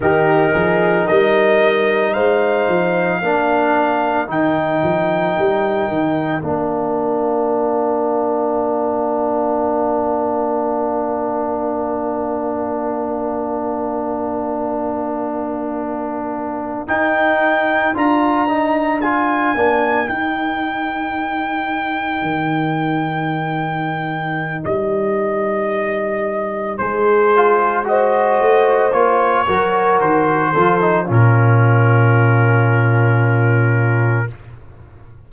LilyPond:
<<
  \new Staff \with { instrumentName = "trumpet" } { \time 4/4 \tempo 4 = 56 ais'4 dis''4 f''2 | g''2 f''2~ | f''1~ | f''2.~ f''8. g''16~ |
g''8. ais''4 gis''4 g''4~ g''16~ | g''2. dis''4~ | dis''4 c''4 dis''4 cis''4 | c''4 ais'2. | }
  \new Staff \with { instrumentName = "horn" } { \time 4/4 g'8 gis'8 ais'4 c''4 ais'4~ | ais'1~ | ais'1~ | ais'1~ |
ais'1~ | ais'1~ | ais'4 gis'4 c''4. ais'8~ | ais'8 a'8 f'2. | }
  \new Staff \with { instrumentName = "trombone" } { \time 4/4 dis'2. d'4 | dis'2 d'2~ | d'1~ | d'2.~ d'8. dis'16~ |
dis'8. f'8 dis'8 f'8 d'8 dis'4~ dis'16~ | dis'1~ | dis'4. f'8 fis'4 f'8 fis'8~ | fis'8 f'16 dis'16 cis'2. | }
  \new Staff \with { instrumentName = "tuba" } { \time 4/4 dis8 f8 g4 gis8 f8 ais4 | dis8 f8 g8 dis8 ais2~ | ais1~ | ais2.~ ais8. dis'16~ |
dis'8. d'4. ais8 dis'4~ dis'16~ | dis'8. dis2~ dis16 g4~ | g4 gis4. a8 ais8 fis8 | dis8 f8 ais,2. | }
>>